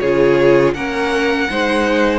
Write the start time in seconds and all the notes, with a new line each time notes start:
0.00 C#3 F4 G#4 C#5
0.73 A#3 C#4 A#4 F#5
1.50 G#3 D#4 C5